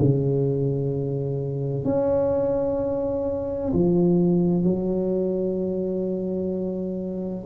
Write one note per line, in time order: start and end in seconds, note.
0.00 1.85 C#3
1.85 3.72 C#4
3.74 4.64 F3
4.64 7.45 F#3